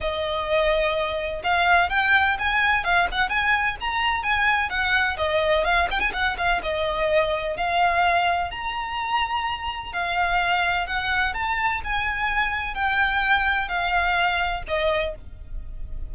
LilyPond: \new Staff \with { instrumentName = "violin" } { \time 4/4 \tempo 4 = 127 dis''2. f''4 | g''4 gis''4 f''8 fis''8 gis''4 | ais''4 gis''4 fis''4 dis''4 | f''8 g''16 gis''16 fis''8 f''8 dis''2 |
f''2 ais''2~ | ais''4 f''2 fis''4 | a''4 gis''2 g''4~ | g''4 f''2 dis''4 | }